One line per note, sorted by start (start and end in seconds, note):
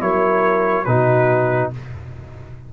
0.00 0.86 F#3
0.00 0.86 E4
0.00 0.85 A#4
0.00 0.84 C#5
0.84 1.72 B2
0.84 1.73 D#4
0.84 1.71 F#4
0.84 1.70 B4